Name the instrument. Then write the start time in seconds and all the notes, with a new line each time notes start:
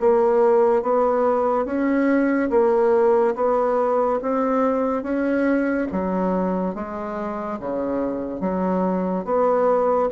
bassoon
0.00 A#3
0.82 B3
1.65 C#4
2.50 A#3
3.35 B3
4.22 C4
5.03 C#4
5.92 F#3
6.75 G#3
7.60 C#3
8.40 F#3
9.25 B3